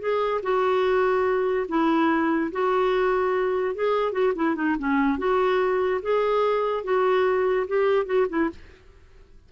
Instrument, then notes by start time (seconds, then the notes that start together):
clarinet
0.00 G#4
0.43 F#4
1.69 E4
2.52 F#4
3.75 G#4
4.13 F#4
4.36 E4
4.56 D#4
4.79 C#4
5.19 F#4
6.02 G#4
6.84 F#4
7.68 G4
8.06 F#4
8.30 E4